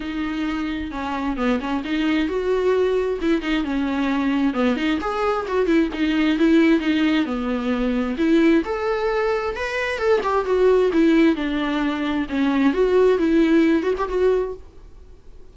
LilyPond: \new Staff \with { instrumentName = "viola" } { \time 4/4 \tempo 4 = 132 dis'2 cis'4 b8 cis'8 | dis'4 fis'2 e'8 dis'8 | cis'2 b8 dis'8 gis'4 | fis'8 e'8 dis'4 e'4 dis'4 |
b2 e'4 a'4~ | a'4 b'4 a'8 g'8 fis'4 | e'4 d'2 cis'4 | fis'4 e'4. fis'16 g'16 fis'4 | }